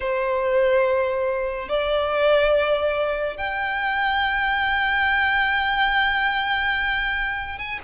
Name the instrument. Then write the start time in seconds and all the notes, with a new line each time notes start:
violin
0.00 C5
1.68 D5
3.37 G5
7.58 G#5